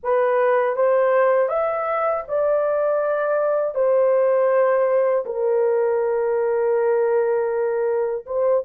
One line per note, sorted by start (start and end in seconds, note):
0.03 0.75 B4
0.75 1.48 C5
1.48 2.23 E5
2.27 3.74 D5
3.74 5.24 C5
5.25 8.25 A#4
8.26 8.63 C5